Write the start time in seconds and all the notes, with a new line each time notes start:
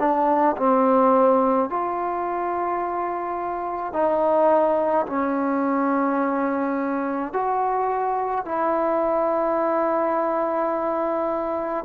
0.00 D4
0.57 C4
1.70 F4
3.93 D#4
5.07 C#4
7.33 F#4
8.46 E4